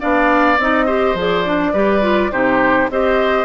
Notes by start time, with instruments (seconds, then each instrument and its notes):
0.00 bassoon B3, clarinet D4, oboe D5, flute F5
0.59 bassoon C4, clarinet D#4, flute D#5
0.86 clarinet G4, oboe C5
1.15 bassoon F3, clarinet G#4
1.21 flute D5
1.45 clarinet D4
1.74 bassoon G3, clarinet G4, oboe B4
2.02 clarinet F4
2.32 bassoon C3, clarinet D#4, oboe G4, flute C5
2.90 bassoon C4, clarinet G4, oboe C5, flute D#5